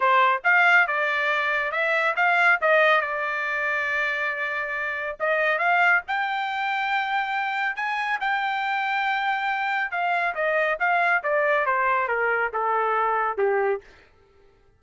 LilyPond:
\new Staff \with { instrumentName = "trumpet" } { \time 4/4 \tempo 4 = 139 c''4 f''4 d''2 | e''4 f''4 dis''4 d''4~ | d''1 | dis''4 f''4 g''2~ |
g''2 gis''4 g''4~ | g''2. f''4 | dis''4 f''4 d''4 c''4 | ais'4 a'2 g'4 | }